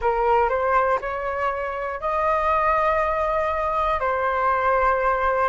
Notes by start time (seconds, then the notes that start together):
0.00 A#4
0.49 C5
1.00 C#5
2.00 D#5
4.00 C5